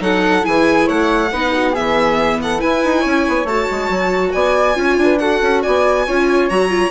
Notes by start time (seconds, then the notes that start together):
0.00 F#3 D#4 A4 F#5
0.41 E3 E4 G#4 G#5
0.86 A3 C#5 F#5
1.32 B3 D#4 B4
1.53 F#4
1.72 B3 G#4 E5
1.79 E3
2.42 A4 F#5
2.59 E4 B4 G#5
2.84 D#4
3.00 C#4 C#5
3.28 B3
3.44 A3 F#4 A5
3.71 G#3
3.89 F#3
4.32 B3 D5 G#5
4.74 C#4 F4 C#5
4.97 D4 B4
5.19 F#4 A4 F#5
5.42 C#4
5.62 B3 D5 G#5
6.07 C#4 F4 C#5
6.49 F#3 F#4 A#5
6.68 F4